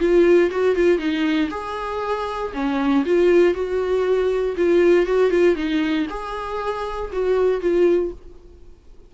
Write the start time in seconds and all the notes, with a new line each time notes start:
0.00 F4
0.51 F#4
0.76 F4
0.99 D#4
1.51 G#4
2.54 C#4
3.06 F4
3.54 F#4
4.57 F4
5.06 F#4
5.31 F4
5.56 D#4
6.10 G#4
7.13 F#4
7.61 F4